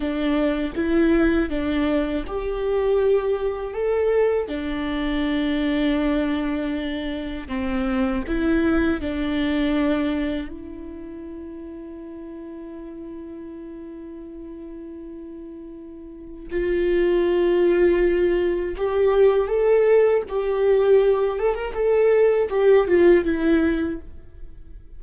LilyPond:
\new Staff \with { instrumentName = "viola" } { \time 4/4 \tempo 4 = 80 d'4 e'4 d'4 g'4~ | g'4 a'4 d'2~ | d'2 c'4 e'4 | d'2 e'2~ |
e'1~ | e'2 f'2~ | f'4 g'4 a'4 g'4~ | g'8 a'16 ais'16 a'4 g'8 f'8 e'4 | }